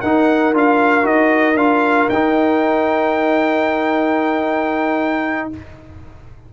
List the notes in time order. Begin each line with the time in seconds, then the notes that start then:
0.00 D#4 A#4 F#5
0.54 D4 F4 F5
1.02 D#4 F#4 D#5
1.55 D4 F4 F5
2.09 D#4 G5